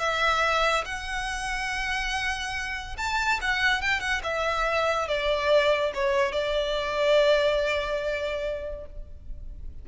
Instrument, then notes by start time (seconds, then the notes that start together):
violin
0.00 E5
0.85 F#5
2.98 A5
3.42 F#5
3.82 G5
4.01 F#5
4.24 E5
5.08 D5
5.95 C#5
6.32 D5